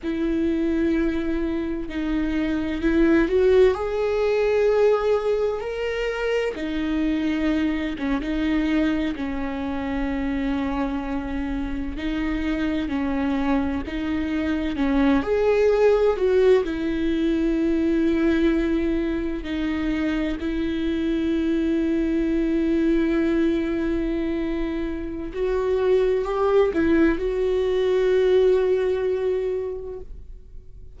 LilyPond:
\new Staff \with { instrumentName = "viola" } { \time 4/4 \tempo 4 = 64 e'2 dis'4 e'8 fis'8 | gis'2 ais'4 dis'4~ | dis'8 cis'16 dis'4 cis'2~ cis'16~ | cis'8. dis'4 cis'4 dis'4 cis'16~ |
cis'16 gis'4 fis'8 e'2~ e'16~ | e'8. dis'4 e'2~ e'16~ | e'2. fis'4 | g'8 e'8 fis'2. | }